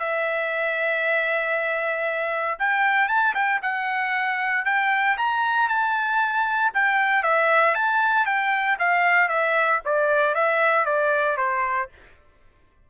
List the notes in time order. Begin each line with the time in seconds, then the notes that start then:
0.00 E5
2.59 G5
3.09 A5
3.35 G5
3.63 F#5
4.66 G5
5.18 A#5
5.69 A5
6.74 G5
7.23 E5
7.75 A5
8.26 G5
8.79 F5
9.29 E5
9.85 D5
10.35 E5
10.86 D5
11.37 C5